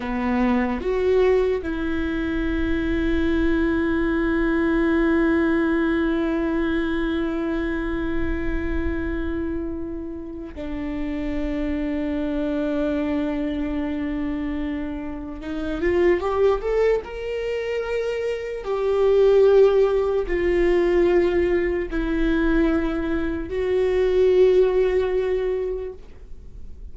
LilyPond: \new Staff \with { instrumentName = "viola" } { \time 4/4 \tempo 4 = 74 b4 fis'4 e'2~ | e'1~ | e'1~ | e'4 d'2.~ |
d'2. dis'8 f'8 | g'8 a'8 ais'2 g'4~ | g'4 f'2 e'4~ | e'4 fis'2. | }